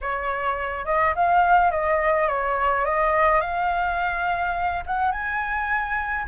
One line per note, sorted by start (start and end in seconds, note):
0.01 0.85 C#5
0.85 1.14 D#5
1.15 1.71 F5
1.71 2.28 D#5
2.28 2.85 C#5
2.85 3.40 D#5
3.40 4.83 F5
4.86 5.11 F#5
5.11 6.26 G#5